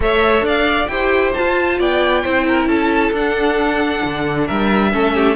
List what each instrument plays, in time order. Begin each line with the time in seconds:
0.00 cello A3, viola A4, violin C#5 E5
0.41 cello D4, violin D5
0.47 violin F5
0.87 cello E4, viola G4, violin C5 G5
1.34 viola F4, cello F4, violin A5
1.79 cello B3, violin D5 G5
2.23 cello C4, viola E4, violin C5
2.47 violin A#4
2.66 cello C#4, violin A4 A5
3.11 cello D4, viola D4, violin F#5
4.04 cello D3
4.46 cello G3, violin A#4 E5
4.92 cello A3, viola C#4, violin A4
5.14 violin G4